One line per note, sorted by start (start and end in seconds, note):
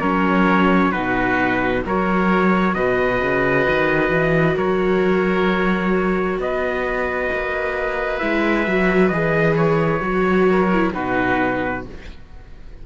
0.00 0.93 F#3
0.00 0.93 C#4
0.00 0.91 A#4
0.00 0.92 C#5
0.91 1.85 B2
0.91 1.84 D#4
0.91 1.82 F#4
0.91 1.83 B4
1.85 2.76 F#3
1.85 8.21 F#4
1.85 2.76 A#4
1.85 2.75 C#5
2.75 3.21 B2
2.75 4.57 B4
2.75 4.56 D#5
3.21 3.67 C#3
3.69 4.10 D#3
4.10 4.56 E3
4.57 6.38 F#3
4.57 6.39 A#4
4.57 6.40 C#5
6.38 7.29 B3
6.38 10.50 B4
6.38 8.19 D#5
7.33 8.22 A#3
8.19 8.67 G#3
8.19 8.66 E4
8.19 9.09 E5
8.67 9.11 F#3
8.67 9.13 F#4
9.09 10.01 E3
9.09 10.01 G#4
9.09 9.54 D#5
9.56 10.93 C#5
10.01 10.92 F#3
10.01 10.69 F#4
10.50 10.94 A#4
10.73 10.94 E4
10.94 11.86 B2
10.94 11.85 D#4
10.94 11.84 F#4
10.94 11.85 B4